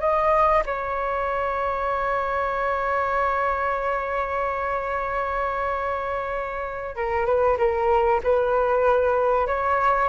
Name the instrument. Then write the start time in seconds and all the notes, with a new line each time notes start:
flute
0.00 D#5
0.65 C#5
6.95 A#4
7.25 B4
7.57 A#4
8.23 B4
9.47 C#5